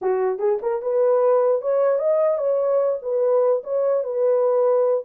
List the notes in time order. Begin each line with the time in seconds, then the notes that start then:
0.01 F#4
0.38 G#4
0.62 A#4
0.81 B4
1.61 C#5
1.98 D#5
2.38 C#5
3.01 B4
3.63 C#5
4.03 B4